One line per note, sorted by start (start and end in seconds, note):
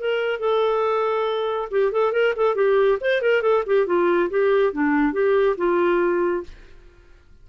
0.00 0.39 A#4
0.39 1.69 A4
1.71 1.92 G4
1.92 2.12 A4
2.12 2.34 A#4
2.36 2.55 A4
2.55 2.98 G4
3.00 3.21 C5
3.21 3.42 A#4
3.42 3.63 A4
3.66 3.86 G4
3.86 4.29 F4
4.30 4.73 G4
4.73 5.12 D4
5.12 5.56 G4
5.57 6.44 F4